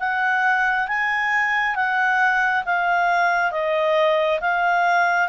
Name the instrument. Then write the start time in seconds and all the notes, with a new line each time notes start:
clarinet
0.00 F#5
0.88 G#5
1.76 F#5
2.66 F5
3.52 D#5
4.41 F5